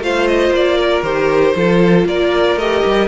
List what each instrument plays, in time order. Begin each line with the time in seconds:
0.00 cello A3, viola F4, violin C5 F5
0.27 violin D#5
0.50 cello A#3, violin D5
0.77 violin A#4
1.02 cello D#3, viola G4, violin C5
1.55 cello F3, viola F4, violin A4
2.05 cello A#3, violin A#4 D5
2.56 cello A3, viola G4, violin D#5
2.85 cello G3